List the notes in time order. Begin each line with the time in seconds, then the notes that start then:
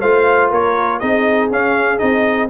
0.00 A3 F4 C5 F5
0.50 A#3 A#4 C#5
0.99 C4 D#4 G#4 D#5
1.51 C#4 F5
1.97 C4 D#4 D#5